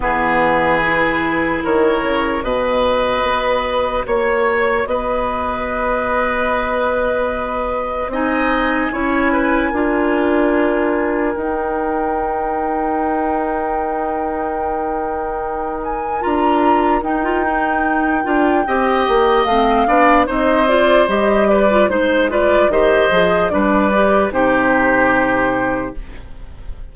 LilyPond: <<
  \new Staff \with { instrumentName = "flute" } { \time 4/4 \tempo 4 = 74 b'2 cis''4 dis''4~ | dis''4 cis''4 dis''2~ | dis''2 gis''2~ | gis''2 g''2~ |
g''2.~ g''8 gis''8 | ais''4 g''2. | f''4 dis''8 d''8 dis''8 d''8 c''8 d''8 | dis''4 d''4 c''2 | }
  \new Staff \with { instrumentName = "oboe" } { \time 4/4 gis'2 ais'4 b'4~ | b'4 cis''4 b'2~ | b'2 dis''4 cis''8 b'8 | ais'1~ |
ais'1~ | ais'2. dis''4~ | dis''8 d''8 c''4. b'8 c''8 b'8 | c''4 b'4 g'2 | }
  \new Staff \with { instrumentName = "clarinet" } { \time 4/4 b4 e'2 fis'4~ | fis'1~ | fis'2 dis'4 e'4 | f'2 dis'2~ |
dis'1 | f'4 dis'16 f'16 dis'4 f'8 g'4 | c'8 d'8 dis'8 f'8 g'8. f'16 dis'8 f'8 | g'8 gis'8 d'8 g'8 dis'2 | }
  \new Staff \with { instrumentName = "bassoon" } { \time 4/4 e2 dis8 cis8 b,4 | b4 ais4 b2~ | b2 c'4 cis'4 | d'2 dis'2~ |
dis'1 | d'4 dis'4. d'8 c'8 ais8 | a8 b8 c'4 g4 gis4 | dis8 f8 g4 c2 | }
>>